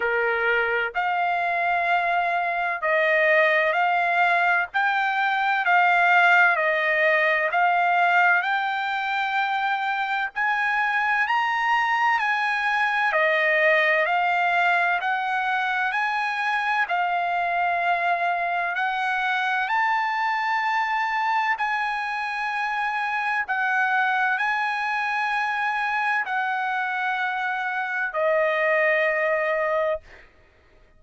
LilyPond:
\new Staff \with { instrumentName = "trumpet" } { \time 4/4 \tempo 4 = 64 ais'4 f''2 dis''4 | f''4 g''4 f''4 dis''4 | f''4 g''2 gis''4 | ais''4 gis''4 dis''4 f''4 |
fis''4 gis''4 f''2 | fis''4 a''2 gis''4~ | gis''4 fis''4 gis''2 | fis''2 dis''2 | }